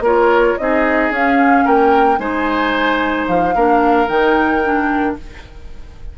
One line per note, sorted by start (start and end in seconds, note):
0.00 0.54 A#3
0.00 0.59 F4
0.00 0.58 A#4
0.00 0.58 C#5
0.58 1.10 C4
0.58 1.13 D#4
0.58 1.65 G#4
0.58 1.12 D#5
1.10 1.64 C#4
1.10 2.18 C#4
1.10 1.67 F5
1.65 2.19 A#3
1.65 2.19 A#4
1.65 2.19 G5
2.18 3.27 G#3
2.18 3.53 D#4
2.18 3.55 C5
2.18 3.27 G#5
3.27 3.55 F3
3.27 4.08 F5
3.55 4.09 A#3
3.55 4.08 D4
3.55 5.18 A#4
4.08 5.17 D#3
4.08 4.62 D#4
4.08 5.17 G5
4.64 5.18 D4